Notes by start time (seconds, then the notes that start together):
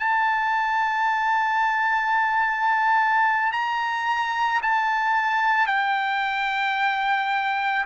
0.00 A5
3.53 A#5
4.63 A5
5.67 G5